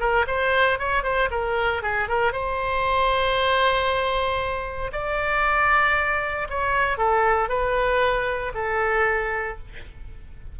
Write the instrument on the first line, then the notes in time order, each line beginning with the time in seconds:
oboe
0.00 A#4
0.28 C5
0.79 C#5
1.03 C5
1.31 A#4
1.82 G#4
2.09 A#4
2.33 C5
4.92 D5
6.50 C#5
6.98 A4
7.49 B4
8.55 A4